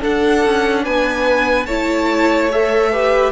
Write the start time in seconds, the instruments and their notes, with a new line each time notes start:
0.00 viola D4, cello D4, violin A4 F#5
0.45 cello C#4
0.84 cello B3, violin B4 G#5
1.65 cello A3, viola E4, violin C#5 A5
2.51 viola A4, violin E5
2.91 viola G4, violin B4